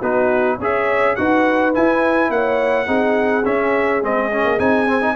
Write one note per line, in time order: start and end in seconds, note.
0.00 0.59 B3
0.00 0.60 D#4
0.00 0.57 F#4
0.00 0.59 B4
0.58 1.17 C#4
0.58 1.17 G#4
0.58 1.15 C#5
0.58 1.16 E5
1.16 1.76 D#4
1.16 1.74 F#4
1.16 2.32 B4
1.16 1.73 F#5
1.74 2.86 E4
1.74 2.30 E4
1.74 2.31 G#5
2.30 2.87 A#3
2.30 2.86 C#5
2.30 3.45 F#5
2.86 3.45 C4
2.86 3.44 D#4
2.86 5.15 G#4
3.45 4.02 C#4
3.45 4.02 E5
4.02 4.45 G#3
4.02 4.31 C4
4.02 4.59 D#5
4.32 4.59 C#4
4.45 4.59 A#3
4.59 5.16 C4
4.59 4.87 D#4
4.59 5.16 G#5
4.87 5.01 C4
5.01 5.15 D#4